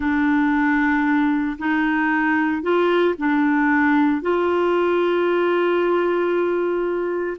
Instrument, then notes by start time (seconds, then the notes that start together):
clarinet
0.00 D4
1.58 D#4
2.62 F4
3.18 D4
4.21 F4